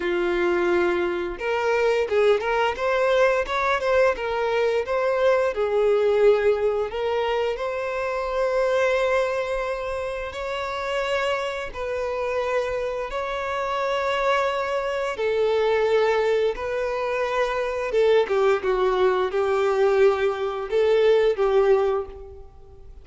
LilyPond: \new Staff \with { instrumentName = "violin" } { \time 4/4 \tempo 4 = 87 f'2 ais'4 gis'8 ais'8 | c''4 cis''8 c''8 ais'4 c''4 | gis'2 ais'4 c''4~ | c''2. cis''4~ |
cis''4 b'2 cis''4~ | cis''2 a'2 | b'2 a'8 g'8 fis'4 | g'2 a'4 g'4 | }